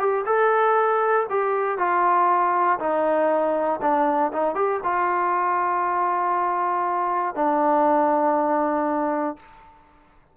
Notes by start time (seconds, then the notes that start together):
0.00 G4
0.26 A4
1.30 G4
1.79 F4
2.80 D#4
3.82 D4
4.33 D#4
4.56 G4
4.84 F4
7.35 D4